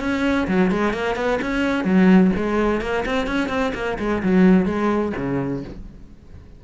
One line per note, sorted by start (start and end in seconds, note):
0.00 0.47 C#4
0.47 0.71 F#3
0.71 0.93 G#3
0.93 1.15 A#3
1.15 1.39 B3
1.41 1.84 C#4
1.84 2.31 F#3
2.36 2.81 G#3
2.81 3.04 A#3
3.06 3.27 C4
3.27 3.49 C#4
3.49 3.72 C4
3.74 3.98 A#3
3.99 4.22 G#3
4.23 4.65 F#3
4.65 5.12 G#3
5.17 5.64 C#3